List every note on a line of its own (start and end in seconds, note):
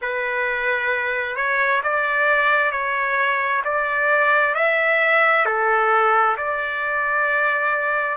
0.01 1.36 B4
1.36 1.81 C#5
1.83 2.71 D5
2.71 3.62 C#5
3.64 4.55 D5
4.55 5.45 E5
5.45 6.36 A4
6.37 8.17 D5